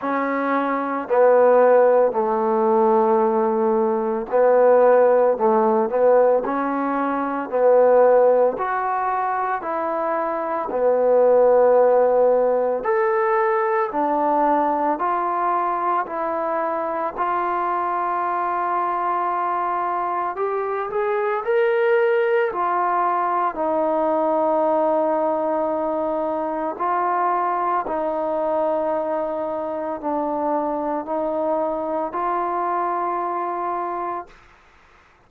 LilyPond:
\new Staff \with { instrumentName = "trombone" } { \time 4/4 \tempo 4 = 56 cis'4 b4 a2 | b4 a8 b8 cis'4 b4 | fis'4 e'4 b2 | a'4 d'4 f'4 e'4 |
f'2. g'8 gis'8 | ais'4 f'4 dis'2~ | dis'4 f'4 dis'2 | d'4 dis'4 f'2 | }